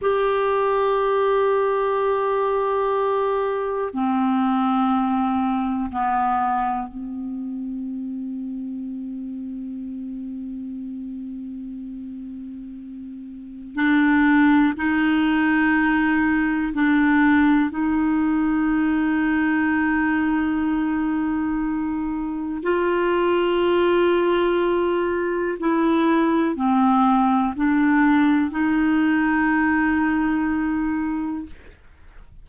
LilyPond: \new Staff \with { instrumentName = "clarinet" } { \time 4/4 \tempo 4 = 61 g'1 | c'2 b4 c'4~ | c'1~ | c'2 d'4 dis'4~ |
dis'4 d'4 dis'2~ | dis'2. f'4~ | f'2 e'4 c'4 | d'4 dis'2. | }